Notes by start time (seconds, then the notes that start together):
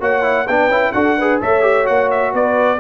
0.00 A#3 F#4 C#5 F#5
0.22 E4
0.47 B3 D4 B4 G5
0.68 C#4 E4
0.92 D4 F#4 A4 F#5
1.18 G#4 B4
1.41 A3 A4 C#5 E5
1.62 G4
1.85 A#3 F#4 F#5
2.11 E5
2.32 B3 B4 D5